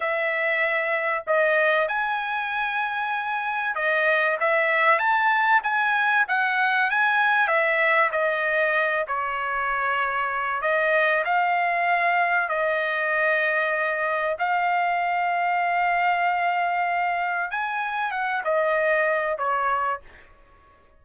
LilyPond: \new Staff \with { instrumentName = "trumpet" } { \time 4/4 \tempo 4 = 96 e''2 dis''4 gis''4~ | gis''2 dis''4 e''4 | a''4 gis''4 fis''4 gis''4 | e''4 dis''4. cis''4.~ |
cis''4 dis''4 f''2 | dis''2. f''4~ | f''1 | gis''4 fis''8 dis''4. cis''4 | }